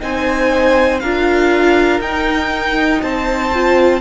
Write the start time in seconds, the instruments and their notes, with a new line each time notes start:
0.00 cello C4, viola D#4, violin C5 G#5
1.00 cello D4, viola F4, violin A#4 F5
2.00 cello D#4, viola D#4, violin G5
3.02 cello C4, violin C5 A5
3.53 viola F4